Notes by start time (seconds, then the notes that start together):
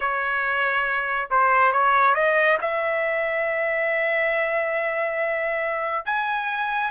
0.00 C#5
1.30 C5
1.72 C#5
2.14 D#5
2.61 E5
6.05 G#5